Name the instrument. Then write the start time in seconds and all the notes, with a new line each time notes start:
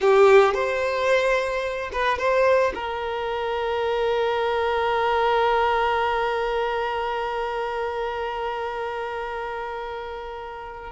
violin
0.00 G4
0.54 C5
1.92 B4
2.18 C5
2.74 A#4